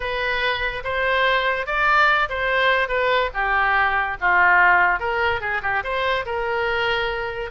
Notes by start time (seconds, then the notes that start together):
0.00 B4
0.83 C5
1.66 D5
2.29 C5
2.88 B4
3.33 G4
4.20 F4
4.99 A#4
5.40 G#4
5.62 G4
5.83 C5
6.25 A#4